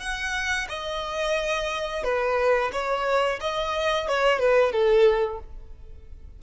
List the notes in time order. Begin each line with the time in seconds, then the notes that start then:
0.00 F#5
0.69 D#5
2.03 B4
2.72 C#5
3.40 D#5
4.08 C#5
4.39 B4
4.72 A4